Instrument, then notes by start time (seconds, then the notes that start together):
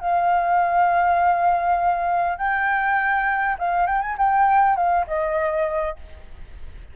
flute
0.00 F5
2.38 G5
3.59 F5
3.87 G5
4.01 G#5
4.18 G5
4.76 F5
5.07 D#5